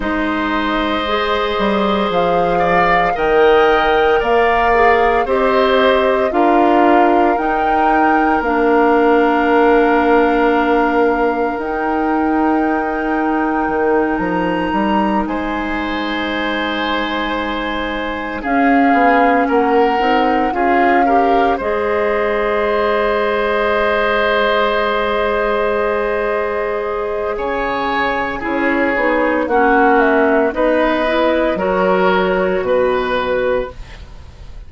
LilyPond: <<
  \new Staff \with { instrumentName = "flute" } { \time 4/4 \tempo 4 = 57 dis''2 f''4 g''4 | f''4 dis''4 f''4 g''4 | f''2. g''4~ | g''4. ais''4 gis''4.~ |
gis''4. f''4 fis''4 f''8~ | f''8 dis''2.~ dis''8~ | dis''2 gis''4 cis''4 | fis''8 e''8 dis''4 cis''4 b'4 | }
  \new Staff \with { instrumentName = "oboe" } { \time 4/4 c''2~ c''8 d''8 dis''4 | d''4 c''4 ais'2~ | ais'1~ | ais'2~ ais'8 c''4.~ |
c''4. gis'4 ais'4 gis'8 | ais'8 c''2.~ c''8~ | c''2 cis''4 gis'4 | fis'4 b'4 ais'4 b'4 | }
  \new Staff \with { instrumentName = "clarinet" } { \time 4/4 dis'4 gis'2 ais'4~ | ais'8 gis'8 g'4 f'4 dis'4 | d'2. dis'4~ | dis'1~ |
dis'4. cis'4. dis'8 f'8 | g'8 gis'2.~ gis'8~ | gis'2. e'8 dis'8 | cis'4 dis'8 e'8 fis'2 | }
  \new Staff \with { instrumentName = "bassoon" } { \time 4/4 gis4. g8 f4 dis4 | ais4 c'4 d'4 dis'4 | ais2. dis'4~ | dis'4 dis8 f8 g8 gis4.~ |
gis4. cis'8 b8 ais8 c'8 cis'8~ | cis'8 gis2.~ gis8~ | gis2 cis4 cis'8 b8 | ais4 b4 fis4 b,4 | }
>>